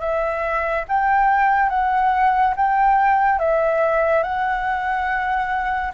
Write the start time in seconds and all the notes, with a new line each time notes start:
0.00 E5
0.88 G5
1.69 F#5
2.56 G5
3.39 E5
4.23 F#5